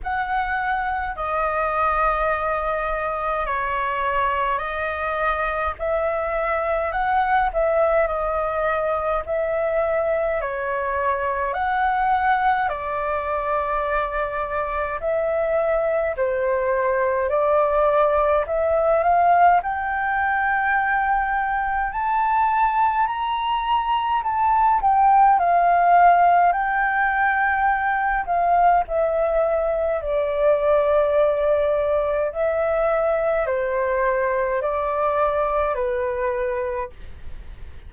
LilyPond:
\new Staff \with { instrumentName = "flute" } { \time 4/4 \tempo 4 = 52 fis''4 dis''2 cis''4 | dis''4 e''4 fis''8 e''8 dis''4 | e''4 cis''4 fis''4 d''4~ | d''4 e''4 c''4 d''4 |
e''8 f''8 g''2 a''4 | ais''4 a''8 g''8 f''4 g''4~ | g''8 f''8 e''4 d''2 | e''4 c''4 d''4 b'4 | }